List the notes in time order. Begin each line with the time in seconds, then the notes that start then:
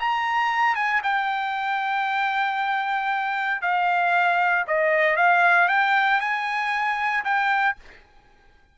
0.00 A#5
0.76 G#5
1.04 G5
3.62 F5
4.68 D#5
5.17 F5
5.69 G5
6.21 G#5
7.25 G5